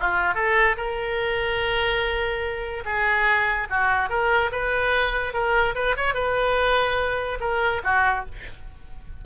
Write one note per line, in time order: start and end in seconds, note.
0.00 0.35 F4
0.35 0.76 A4
0.77 2.84 A#4
2.85 3.68 G#4
3.70 4.09 F#4
4.09 4.51 A#4
4.52 5.33 B4
5.33 5.75 A#4
5.75 5.96 B4
5.97 6.14 C#5
6.14 7.39 B4
7.41 7.82 A#4
7.84 8.26 F#4